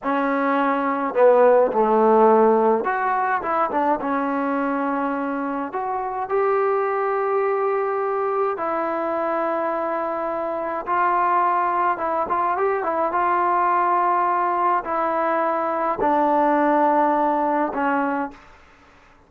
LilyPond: \new Staff \with { instrumentName = "trombone" } { \time 4/4 \tempo 4 = 105 cis'2 b4 a4~ | a4 fis'4 e'8 d'8 cis'4~ | cis'2 fis'4 g'4~ | g'2. e'4~ |
e'2. f'4~ | f'4 e'8 f'8 g'8 e'8 f'4~ | f'2 e'2 | d'2. cis'4 | }